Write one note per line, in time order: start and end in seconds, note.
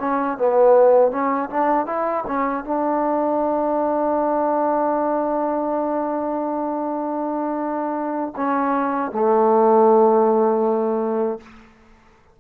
0.00 0.38 C#4
0.38 1.12 B3
1.12 1.50 C#4
1.50 1.86 D4
1.86 2.24 E4
2.28 2.64 C#4
2.64 8.34 D4
8.36 9.12 C#4
9.12 11.40 A3